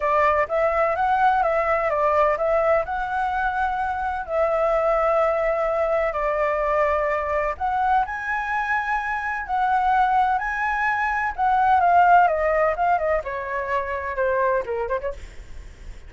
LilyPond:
\new Staff \with { instrumentName = "flute" } { \time 4/4 \tempo 4 = 127 d''4 e''4 fis''4 e''4 | d''4 e''4 fis''2~ | fis''4 e''2.~ | e''4 d''2. |
fis''4 gis''2. | fis''2 gis''2 | fis''4 f''4 dis''4 f''8 dis''8 | cis''2 c''4 ais'8 c''16 cis''16 | }